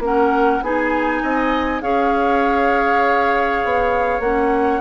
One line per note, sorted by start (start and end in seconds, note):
0.00 0.60 A#3
0.00 0.62 C#4
0.00 0.64 A#4
0.00 0.63 F#5
0.62 1.22 B3
0.62 1.82 D#4
0.62 1.23 G#4
0.62 1.81 G#5
1.23 1.82 C4
1.23 1.83 D#5
1.81 3.62 C#4
1.81 4.22 G#4
1.81 4.81 C#5
1.81 4.21 F5
3.64 4.20 B3
4.20 4.80 A#3
4.20 4.81 C#4
4.20 4.81 F#5